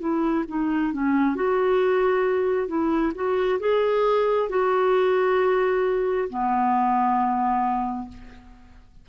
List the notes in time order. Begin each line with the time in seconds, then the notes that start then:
0.00 E4
0.48 D#4
0.93 C#4
1.36 F#4
2.68 E4
3.15 F#4
3.60 G#4
4.49 F#4
6.29 B3